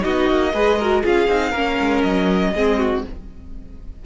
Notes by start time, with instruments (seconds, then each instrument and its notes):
0.00 cello B3, viola D#4, violin F#4 D#5
0.29 cello A#3
0.53 cello G#3, viola G#4, violin B4
0.78 viola F#4, violin A#4
1.02 cello C#4, viola F4, violin G#4 F5
1.27 cello C4, viola D#4
1.50 cello A#3, viola C#4, violin A#4
1.80 cello G#3
2.02 cello F#3, violin D#5
2.54 cello G#3, viola C4, violin G#4
2.78 violin F#4